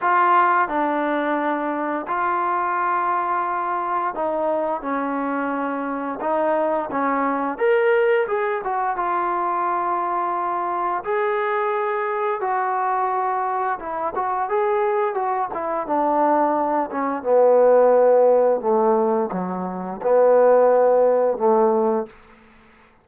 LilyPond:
\new Staff \with { instrumentName = "trombone" } { \time 4/4 \tempo 4 = 87 f'4 d'2 f'4~ | f'2 dis'4 cis'4~ | cis'4 dis'4 cis'4 ais'4 | gis'8 fis'8 f'2. |
gis'2 fis'2 | e'8 fis'8 gis'4 fis'8 e'8 d'4~ | d'8 cis'8 b2 a4 | fis4 b2 a4 | }